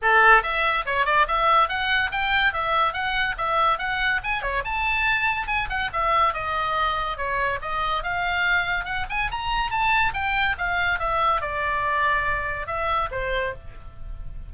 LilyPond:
\new Staff \with { instrumentName = "oboe" } { \time 4/4 \tempo 4 = 142 a'4 e''4 cis''8 d''8 e''4 | fis''4 g''4 e''4 fis''4 | e''4 fis''4 gis''8 cis''8 a''4~ | a''4 gis''8 fis''8 e''4 dis''4~ |
dis''4 cis''4 dis''4 f''4~ | f''4 fis''8 gis''8 ais''4 a''4 | g''4 f''4 e''4 d''4~ | d''2 e''4 c''4 | }